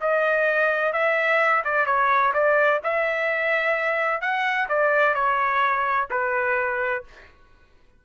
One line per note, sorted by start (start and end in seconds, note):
0.00 0.92 D#5
0.92 1.63 E5
1.64 1.86 D5
1.86 2.32 C#5
2.33 2.80 D5
2.83 4.21 E5
4.21 4.68 F#5
4.68 5.14 D5
5.14 6.08 C#5
6.10 7.04 B4